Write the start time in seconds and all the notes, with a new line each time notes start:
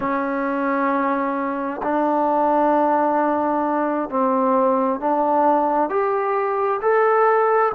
0.00 C#4
1.82 D4
4.09 C4
5.00 D4
5.89 G4
6.81 A4